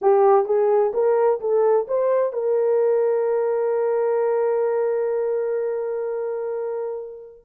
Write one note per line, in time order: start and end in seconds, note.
0.01 0.45 G4
0.45 0.92 G#4
0.93 1.40 A#4
1.40 1.86 A4
1.87 2.33 C5
2.33 7.44 A#4